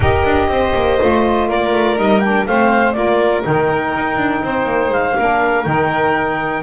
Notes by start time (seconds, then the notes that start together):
0.00 D#4 G4 A#4 D#5
0.24 D4
0.48 C4 C5
0.74 A#3
0.99 A3 F4
1.48 A#3 A#4 D5
1.73 A3
1.95 G3 D#4 D#5
2.20 D4 G5
2.46 A3 C4 C5 F5
2.92 A#3 F4 A#4 D5
3.42 D#3 D#4 G5
3.95 D#4
4.17 D4
4.42 C4 C5
4.64 A#3
4.89 G#3 F5
5.17 A#3 D4 A#4
5.64 D#3 D#4 G5